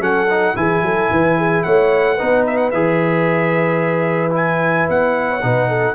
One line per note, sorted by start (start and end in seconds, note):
0.00 0.54 F#3
0.00 0.27 C#4
0.00 0.54 A4
0.00 0.56 F#5
0.31 0.55 D#4
0.55 0.82 E3
0.55 2.18 E4
0.55 0.85 G#4
0.55 1.63 G#5
0.82 1.09 F#3
0.82 1.12 A4
1.11 1.65 E3
1.11 1.39 B4
1.39 1.66 G#4
1.63 2.20 A3
1.63 2.15 C#5
1.63 2.44 F#5
2.15 2.73 D#4
2.15 5.26 B4
2.21 2.73 B3
2.47 2.57 E5
2.57 2.70 F#5
2.71 4.89 E3
2.71 4.31 G#4
2.71 4.33 E5
4.31 5.39 E4
4.31 4.89 G#5
4.89 5.43 B3
4.89 5.95 F#5
5.30 5.43 C#5
5.42 5.95 B2
5.42 5.95 D#4
5.42 5.69 B4
5.69 5.95 A4